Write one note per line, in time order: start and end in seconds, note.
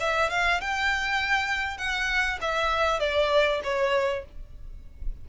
0.00 0.30 E5
0.30 0.61 F5
0.61 1.78 G5
1.78 2.39 F#5
2.41 2.99 E5
2.99 3.61 D5
3.63 4.25 C#5